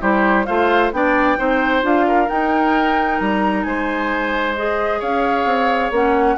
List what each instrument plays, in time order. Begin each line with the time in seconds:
0.00 bassoon G3, clarinet E4, oboe G4, flute C5
0.46 bassoon A3, clarinet F4, oboe C5, flute F5
0.92 bassoon B3, clarinet D4, oboe D5, flute G5
1.37 bassoon C4, clarinet D#4, oboe C5
1.82 bassoon D4, clarinet F4, flute F5
2.07 oboe A#4
2.27 clarinet D#4, bassoon D#4, flute G5
3.19 bassoon G3, flute A#5
3.63 bassoon G#3, oboe C5, flute G#5
4.56 clarinet G#4, flute D#5
5.00 bassoon C#4, oboe C#5, flute F5
5.45 bassoon C4
5.91 bassoon A#3, clarinet C#4, flute F#5